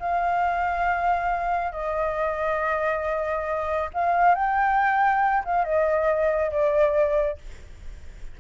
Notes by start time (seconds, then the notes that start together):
0.00 F5
1.72 D#5
3.94 F5
4.35 G5
5.45 F5
5.65 D#5
6.51 D5